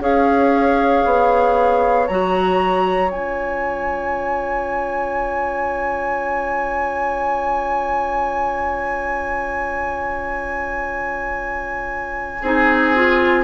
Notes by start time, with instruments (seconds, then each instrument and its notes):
0.00 bassoon C#4, clarinet G#4, oboe C#5, flute F5
1.05 bassoon B3
2.07 bassoon F#3, clarinet F#4, flute A#5
3.08 bassoon C#4, clarinet F4, flute G#5
12.41 bassoon C4, clarinet D#4, oboe G#4
12.96 clarinet F4